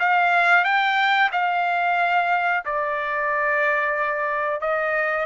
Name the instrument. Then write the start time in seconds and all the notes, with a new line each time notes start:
trumpet
0.00 F5
0.64 G5
1.32 F5
2.66 D5
4.61 D#5